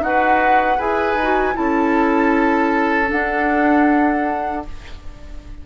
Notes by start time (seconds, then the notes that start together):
0.00 D#4 F#4 F#5
0.06 B4
0.78 E4 G#4 B4 G#5
1.15 D#4
1.23 F#4
1.54 C#4 E4 A4 A5
3.06 D4 F#5
3.13 D4